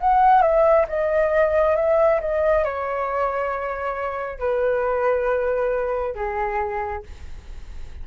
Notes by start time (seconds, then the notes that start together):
0.00 F#5
0.42 E5
0.88 D#5
1.76 E5
2.20 D#5
2.64 C#5
4.39 B4
6.14 G#4